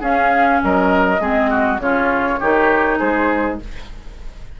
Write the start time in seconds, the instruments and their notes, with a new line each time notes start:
0.00 clarinet C#4, bassoon C#4, oboe G#4, flute F5
0.63 bassoon F#3, oboe A#4, flute D#5
1.20 bassoon G#3, clarinet C4, oboe G#4
1.50 oboe F#4
1.79 bassoon C#3, clarinet C#4, oboe F4, flute C#5
2.39 bassoon D#3, clarinet D#4, oboe G4
2.98 bassoon G#3, oboe G#4, flute C5